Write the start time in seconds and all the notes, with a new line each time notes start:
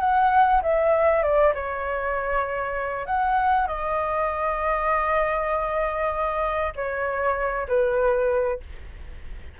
0.00 F#5
0.62 E5
1.23 D5
1.54 C#5
3.06 F#5
3.67 D#5
6.75 C#5
7.68 B4